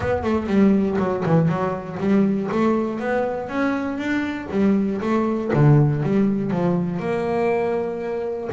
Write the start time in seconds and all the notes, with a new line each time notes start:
0.00 B3
0.23 A3
0.47 G3
0.98 F#3
1.25 E3
1.48 F#3
1.99 G3
2.51 A3
2.99 B3
3.49 C#4
3.97 D4
4.50 G3
5.01 A3
5.53 D3
6.02 G3
6.50 F3
6.99 A#3